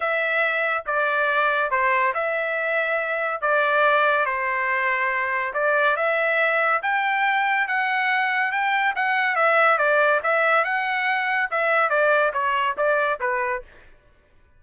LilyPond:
\new Staff \with { instrumentName = "trumpet" } { \time 4/4 \tempo 4 = 141 e''2 d''2 | c''4 e''2. | d''2 c''2~ | c''4 d''4 e''2 |
g''2 fis''2 | g''4 fis''4 e''4 d''4 | e''4 fis''2 e''4 | d''4 cis''4 d''4 b'4 | }